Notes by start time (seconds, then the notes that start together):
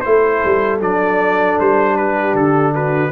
0.00 A3 E4 A4 C5
0.44 G3
0.80 F#3 D4 D5
1.59 G3 C5
1.96 G4 B4
2.33 D3 A4
2.73 F#4 B4